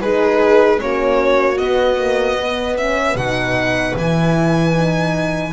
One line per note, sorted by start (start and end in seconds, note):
0.00 0.80 G#3
0.00 0.76 D#4
0.00 0.79 G#4
0.00 0.79 B4
0.76 1.60 A#3
0.76 1.55 C#4
0.76 1.58 C#5
0.83 2.39 F#4
1.58 1.97 B3
1.58 3.15 B3
1.58 2.76 D#5
1.97 2.36 A#3
2.38 2.77 B3
2.38 5.52 B4
2.77 3.16 C#4
2.77 3.16 E5
3.15 3.94 B2
3.15 3.96 D#4
3.15 3.95 F#5
3.95 5.52 E3
3.95 4.72 E4
3.95 5.52 G#5
4.72 5.51 D#4